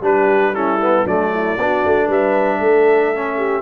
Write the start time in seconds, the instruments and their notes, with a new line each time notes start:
0.00 tuba G3, trombone D4, horn G4, trumpet B4
0.53 trombone C#4, horn E4, trumpet A4
0.81 trombone B3
1.05 tuba F#3, trombone A3, horn D4, trumpet D5
1.33 horn E4
1.57 tuba B3, trombone D4, horn F#4
1.85 tuba A3
2.06 tuba G3, horn B4, trumpet E5
2.59 tuba A3, horn A4
3.14 trombone C#4
3.36 horn G4